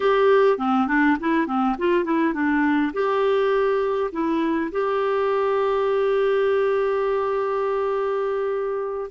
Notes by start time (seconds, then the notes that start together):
0.00 G4
0.58 C4
0.87 D4
1.20 E4
1.46 C4
1.78 F4
2.04 E4
2.33 D4
2.93 G4
4.11 E4
4.71 G4